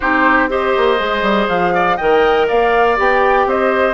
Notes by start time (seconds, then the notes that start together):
0.00 C4 D#4 G4 C5
0.49 G4 C5 D#5
0.76 A#3
0.97 G#3 G#4
1.22 G3
1.48 F3 F5
1.74 D5
1.96 D#3 A#4 D#5 G5
2.48 A#3 D5 F5
2.96 B3 G4 G5
3.46 C4 C5 D#5